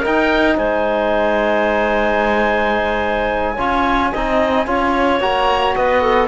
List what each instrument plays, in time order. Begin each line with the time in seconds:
0.00 trombone D#4, cello D#4, clarinet A#4, oboe G5
0.56 cello G#3, clarinet C5, oboe G#5
3.55 cello C#4, trombone F4, clarinet C#5
4.12 cello C4, trombone D#4, clarinet D#5
4.66 cello C#4, trombone F4, clarinet C#5
5.20 cello A#3, trombone F#4, oboe A#5
5.75 cello B3, clarinet B4, oboe D#5
6.02 clarinet A4